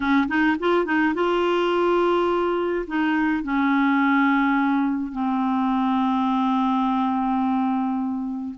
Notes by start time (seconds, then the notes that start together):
0.00 C#4
0.28 D#4
0.59 F4
0.85 D#4
1.14 F4
2.87 D#4
3.43 C#4
5.11 C4